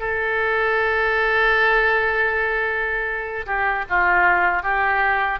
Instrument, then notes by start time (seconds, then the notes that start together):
oboe
0.00 A4
3.47 G4
3.90 F4
4.63 G4